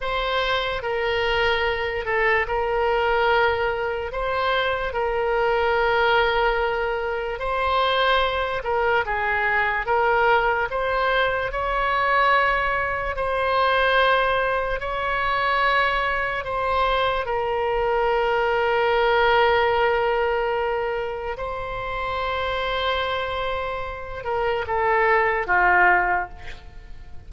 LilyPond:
\new Staff \with { instrumentName = "oboe" } { \time 4/4 \tempo 4 = 73 c''4 ais'4. a'8 ais'4~ | ais'4 c''4 ais'2~ | ais'4 c''4. ais'8 gis'4 | ais'4 c''4 cis''2 |
c''2 cis''2 | c''4 ais'2.~ | ais'2 c''2~ | c''4. ais'8 a'4 f'4 | }